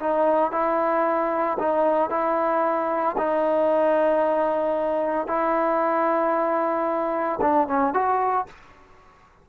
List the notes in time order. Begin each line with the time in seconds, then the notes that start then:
0.00 D#4
0.52 E4
1.59 D#4
2.10 E4
3.18 D#4
5.28 E4
7.41 D4
7.68 C#4
7.94 F#4